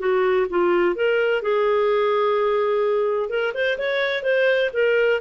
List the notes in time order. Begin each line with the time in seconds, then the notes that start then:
0.00 F#4
0.50 F4
0.96 A#4
1.43 G#4
3.30 A#4
3.55 C5
3.79 C#5
4.24 C5
4.74 A#4